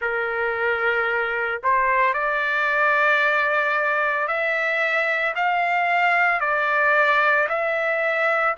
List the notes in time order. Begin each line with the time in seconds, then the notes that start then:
0.00 A#4
1.63 C5
2.13 D5
4.27 E5
5.35 F5
6.40 D5
7.48 E5